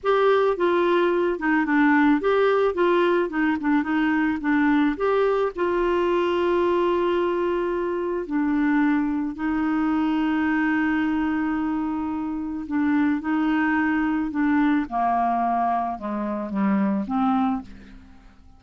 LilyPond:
\new Staff \with { instrumentName = "clarinet" } { \time 4/4 \tempo 4 = 109 g'4 f'4. dis'8 d'4 | g'4 f'4 dis'8 d'8 dis'4 | d'4 g'4 f'2~ | f'2. d'4~ |
d'4 dis'2.~ | dis'2. d'4 | dis'2 d'4 ais4~ | ais4 gis4 g4 c'4 | }